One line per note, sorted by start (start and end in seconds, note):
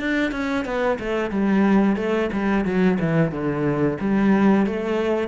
0.00 0.32 D4
0.32 0.65 C#4
0.65 0.99 B3
1.00 1.31 A3
1.31 1.97 G3
1.97 2.30 A3
2.33 2.65 G3
2.65 2.98 F#3
3.00 3.32 E3
3.32 3.98 D3
4.01 4.67 G3
4.67 5.28 A3